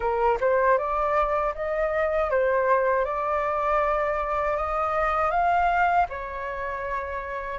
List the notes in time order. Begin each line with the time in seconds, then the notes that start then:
0.00 A#4
0.40 C5
0.78 D5
1.54 D#5
2.30 C5
3.04 D5
4.56 D#5
5.30 F5
6.09 C#5